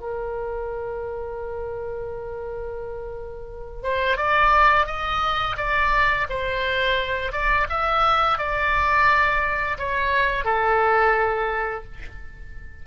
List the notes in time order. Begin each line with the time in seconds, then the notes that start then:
0.00 A#4
3.83 C5
4.17 D5
4.86 D#5
5.57 D5
6.29 C5
7.32 D5
7.70 E5
8.38 D5
9.79 C#5
10.45 A4